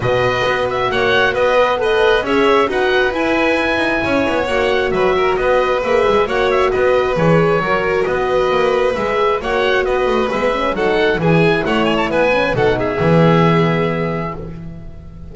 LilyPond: <<
  \new Staff \with { instrumentName = "oboe" } { \time 4/4 \tempo 4 = 134 dis''4. e''8 fis''4 dis''4 | b'4 e''4 fis''4 gis''4~ | gis''2 fis''4 e''4 | dis''4 e''4 fis''8 e''8 dis''4 |
cis''2 dis''2 | e''4 fis''4 dis''4 e''4 | fis''4 gis''4 fis''8 gis''16 a''16 gis''4 | fis''8 e''2.~ e''8 | }
  \new Staff \with { instrumentName = "violin" } { \time 4/4 b'2 cis''4 b'4 | dis''4 cis''4 b'2~ | b'4 cis''2 b'8 ais'8 | b'2 cis''4 b'4~ |
b'4 ais'4 b'2~ | b'4 cis''4 b'2 | a'4 gis'4 cis''4 b'4 | a'8 gis'2.~ gis'8 | }
  \new Staff \with { instrumentName = "horn" } { \time 4/4 fis'2.~ fis'8 b'8 | a'4 gis'4 fis'4 e'4~ | e'2 fis'2~ | fis'4 gis'4 fis'2 |
gis'4 fis'2. | gis'4 fis'2 b8 cis'8 | dis'4 e'2~ e'8 cis'8 | dis'4 b2. | }
  \new Staff \with { instrumentName = "double bass" } { \time 4/4 b,4 b4 ais4 b4~ | b4 cis'4 dis'4 e'4~ | e'8 dis'8 cis'8 b8 ais4 fis4 | b4 ais8 gis8 ais4 b4 |
e4 fis4 b4 ais4 | gis4 ais4 b8 a8 gis4 | fis4 e4 a4 b4 | b,4 e2. | }
>>